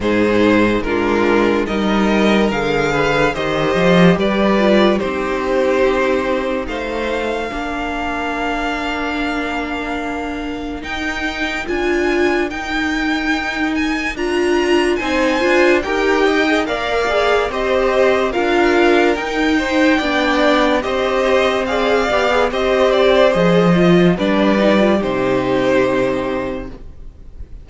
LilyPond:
<<
  \new Staff \with { instrumentName = "violin" } { \time 4/4 \tempo 4 = 72 c''4 ais'4 dis''4 f''4 | dis''4 d''4 c''2 | f''1~ | f''4 g''4 gis''4 g''4~ |
g''8 gis''8 ais''4 gis''4 g''4 | f''4 dis''4 f''4 g''4~ | g''4 dis''4 f''4 dis''8 d''8 | dis''4 d''4 c''2 | }
  \new Staff \with { instrumentName = "violin" } { \time 4/4 gis'4 f'4 ais'4. b'8 | c''4 b'4 g'2 | c''4 ais'2.~ | ais'1~ |
ais'2 c''4 ais'8 dis''8 | d''4 c''4 ais'4. c''8 | d''4 c''4 d''4 c''4~ | c''4 b'4 g'2 | }
  \new Staff \with { instrumentName = "viola" } { \time 4/4 dis'4 d'4 dis'4 gis'4 | g'4. f'8 dis'2~ | dis'4 d'2.~ | d'4 dis'4 f'4 dis'4~ |
dis'4 f'4 dis'8 f'8 g'8. gis'16 | ais'8 gis'8 g'4 f'4 dis'4 | d'4 g'4 gis'8 g'16 gis'16 g'4 | gis'8 f'8 d'8 dis'16 f'16 dis'2 | }
  \new Staff \with { instrumentName = "cello" } { \time 4/4 gis,4 gis4 g4 d4 | dis8 f8 g4 c'2 | a4 ais2.~ | ais4 dis'4 d'4 dis'4~ |
dis'4 d'4 c'8 d'8 dis'4 | ais4 c'4 d'4 dis'4 | b4 c'4. b8 c'4 | f4 g4 c2 | }
>>